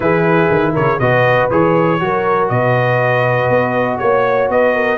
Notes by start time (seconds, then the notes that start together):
0.00 E3 E4 G#4 B4
0.51 D#3
0.72 C#3 A#4 C#5
0.99 B2 F#4 B4 D#5
1.50 E3 G#4 C#5
1.99 F#3 F#4 A#4
2.48 B2 B4 D#5
3.49 B3
3.98 A#3 C#5
4.48 B3 B4 D#5
4.74 A#4